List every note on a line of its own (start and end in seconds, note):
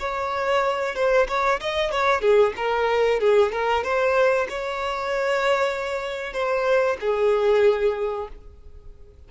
0.00 0.96 C#5
0.96 1.28 C5
1.29 1.61 C#5
1.61 1.92 D#5
1.92 2.22 C#5
2.22 2.54 G#4
2.57 3.21 A#4
3.21 3.53 G#4
3.53 3.84 A#4
3.84 4.48 C5
4.50 6.34 C#5
6.34 6.97 C5
7.01 8.29 G#4